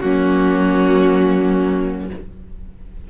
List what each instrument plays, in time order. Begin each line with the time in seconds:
0.00 cello F#3, viola A#3, violin C#4 F#4